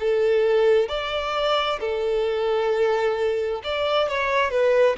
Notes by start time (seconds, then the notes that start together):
0.00 A4
0.89 D5
1.81 A4
3.64 D5
4.09 C#5
4.51 B4